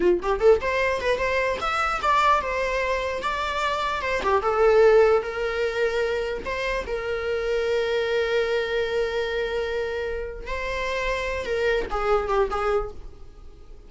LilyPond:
\new Staff \with { instrumentName = "viola" } { \time 4/4 \tempo 4 = 149 f'8 g'8 a'8 c''4 b'8 c''4 | e''4 d''4 c''2 | d''2 c''8 g'8 a'4~ | a'4 ais'2. |
c''4 ais'2.~ | ais'1~ | ais'2 c''2~ | c''8 ais'4 gis'4 g'8 gis'4 | }